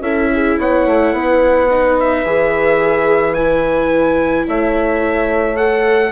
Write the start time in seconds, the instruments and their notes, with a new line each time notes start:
0.00 bassoon C#4, viola E4, horn A4, trumpet E5
0.34 horn G#4
0.59 bassoon B3, horn C#5, trumpet F#5
0.87 bassoon A3
1.13 bassoon B3, horn B4
1.70 viola D#4
2.00 trumpet E5
2.25 bassoon E3, viola G#4
2.82 horn G#4
3.34 viola E4, horn B4, trumpet G#5
4.47 bassoon A3, horn C#5, trumpet E5
5.56 viola A4, trumpet F#5